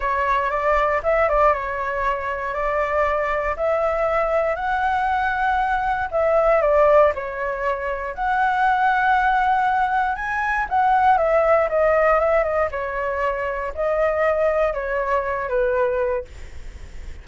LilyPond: \new Staff \with { instrumentName = "flute" } { \time 4/4 \tempo 4 = 118 cis''4 d''4 e''8 d''8 cis''4~ | cis''4 d''2 e''4~ | e''4 fis''2. | e''4 d''4 cis''2 |
fis''1 | gis''4 fis''4 e''4 dis''4 | e''8 dis''8 cis''2 dis''4~ | dis''4 cis''4. b'4. | }